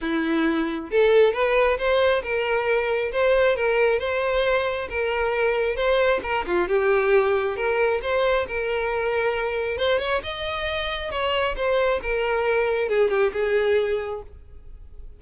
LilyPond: \new Staff \with { instrumentName = "violin" } { \time 4/4 \tempo 4 = 135 e'2 a'4 b'4 | c''4 ais'2 c''4 | ais'4 c''2 ais'4~ | ais'4 c''4 ais'8 f'8 g'4~ |
g'4 ais'4 c''4 ais'4~ | ais'2 c''8 cis''8 dis''4~ | dis''4 cis''4 c''4 ais'4~ | ais'4 gis'8 g'8 gis'2 | }